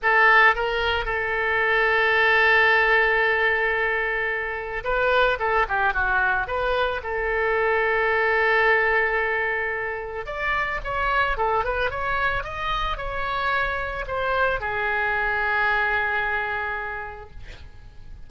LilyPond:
\new Staff \with { instrumentName = "oboe" } { \time 4/4 \tempo 4 = 111 a'4 ais'4 a'2~ | a'1~ | a'4 b'4 a'8 g'8 fis'4 | b'4 a'2.~ |
a'2. d''4 | cis''4 a'8 b'8 cis''4 dis''4 | cis''2 c''4 gis'4~ | gis'1 | }